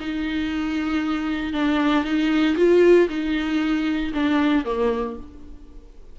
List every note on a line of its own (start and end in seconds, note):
0.00 1.53 D#4
1.53 2.04 D4
2.04 2.56 D#4
2.57 3.08 F4
3.09 4.12 D#4
4.14 4.65 D4
4.65 5.17 A#3